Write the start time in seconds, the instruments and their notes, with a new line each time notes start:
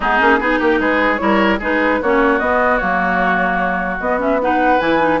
0.00 bassoon G#3, clarinet B3, oboe D#4, flute G#4
0.19 bassoon A#3, clarinet C#4
0.40 bassoon B3, clarinet D#4, oboe G#4
0.59 bassoon A#3, oboe G4, flute A#4
0.79 bassoon G#3, oboe G#4, flute B4
1.17 bassoon G3, clarinet E4, oboe A#4, flute C#5
1.59 bassoon G#3, clarinet D#4, oboe G#4, flute B4
2.02 bassoon A#3, clarinet C#4, oboe F#4, flute C#5
2.39 clarinet B3, bassoon B3, flute D#5
2.77 bassoon F#3, clarinet A#3, flute C#5
4.00 bassoon B3, clarinet B3, flute D#5
4.18 clarinet C#4, flute E5
4.41 clarinet D#4, oboe B4, flute F#5
4.79 bassoon E3, clarinet E4, flute G#5
4.99 clarinet D#4